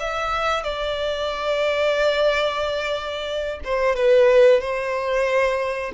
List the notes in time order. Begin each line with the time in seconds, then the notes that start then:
0.00 E5
0.63 D5
3.64 C5
3.96 B4
4.61 C5